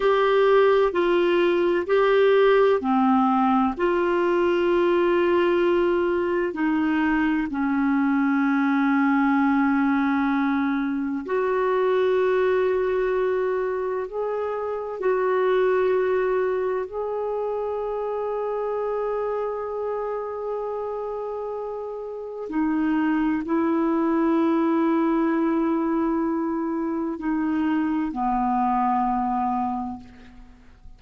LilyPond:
\new Staff \with { instrumentName = "clarinet" } { \time 4/4 \tempo 4 = 64 g'4 f'4 g'4 c'4 | f'2. dis'4 | cis'1 | fis'2. gis'4 |
fis'2 gis'2~ | gis'1 | dis'4 e'2.~ | e'4 dis'4 b2 | }